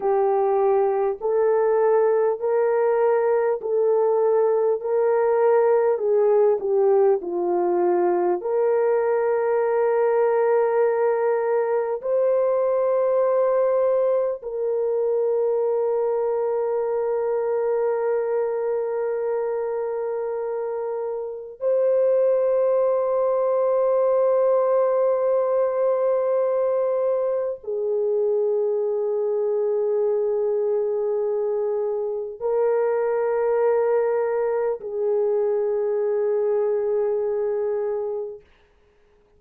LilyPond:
\new Staff \with { instrumentName = "horn" } { \time 4/4 \tempo 4 = 50 g'4 a'4 ais'4 a'4 | ais'4 gis'8 g'8 f'4 ais'4~ | ais'2 c''2 | ais'1~ |
ais'2 c''2~ | c''2. gis'4~ | gis'2. ais'4~ | ais'4 gis'2. | }